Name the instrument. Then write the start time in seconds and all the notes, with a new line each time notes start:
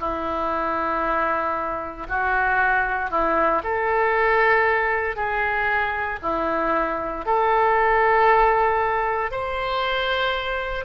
oboe
0.00 E4
2.09 F#4
3.10 E4
3.63 A4
5.16 G#4
6.22 E4
7.26 A4
9.32 C5